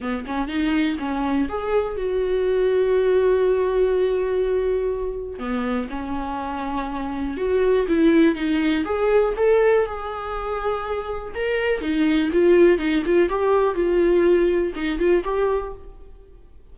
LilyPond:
\new Staff \with { instrumentName = "viola" } { \time 4/4 \tempo 4 = 122 b8 cis'8 dis'4 cis'4 gis'4 | fis'1~ | fis'2. b4 | cis'2. fis'4 |
e'4 dis'4 gis'4 a'4 | gis'2. ais'4 | dis'4 f'4 dis'8 f'8 g'4 | f'2 dis'8 f'8 g'4 | }